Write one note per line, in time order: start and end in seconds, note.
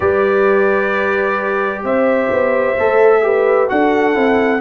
0.00 1.83 G3
0.00 2.76 G4
0.00 1.83 B4
0.00 1.82 D5
1.83 2.29 C4
1.83 3.22 C5
1.83 3.69 E5
2.30 2.76 B3
2.78 3.70 A3
2.78 3.22 A4
3.22 3.67 G4
3.22 3.71 B4
3.67 4.15 D4
3.67 4.13 F#4
3.67 4.61 A4
3.67 4.61 F#5
4.13 4.61 C4
4.13 4.60 E4